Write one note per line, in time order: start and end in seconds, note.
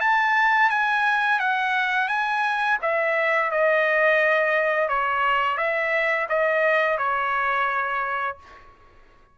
0.00 0.70 A5
0.70 1.40 G#5
1.40 2.08 F#5
2.08 2.78 G#5
2.82 3.51 E5
3.51 4.89 D#5
4.89 5.57 C#5
5.57 6.27 E5
6.29 6.98 D#5
6.98 8.37 C#5